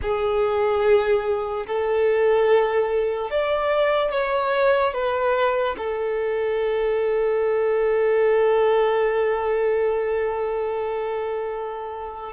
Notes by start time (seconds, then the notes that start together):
0.01 G#4
1.66 A4
3.30 D5
4.11 C#5
4.93 B4
5.77 A4